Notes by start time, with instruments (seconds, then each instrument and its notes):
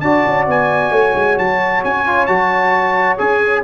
0.00 tuba D4, trombone F#4, horn D5, trumpet A5
0.26 tuba C#4
0.47 tuba B3, trumpet G#5
0.91 tuba A3, horn C#5
1.14 tuba G#3
1.38 tuba F#3, trumpet A5
1.83 tuba C#4, trumpet G#5
2.06 trombone F4
2.26 tuba F#3, trombone F#4, trumpet A5
3.17 tuba C#4, trombone G#4, trumpet G#5